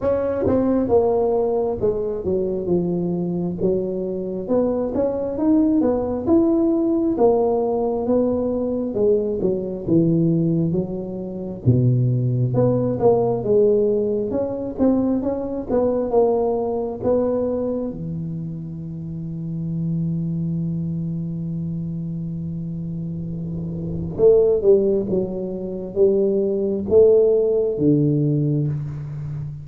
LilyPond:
\new Staff \with { instrumentName = "tuba" } { \time 4/4 \tempo 4 = 67 cis'8 c'8 ais4 gis8 fis8 f4 | fis4 b8 cis'8 dis'8 b8 e'4 | ais4 b4 gis8 fis8 e4 | fis4 b,4 b8 ais8 gis4 |
cis'8 c'8 cis'8 b8 ais4 b4 | e1~ | e2. a8 g8 | fis4 g4 a4 d4 | }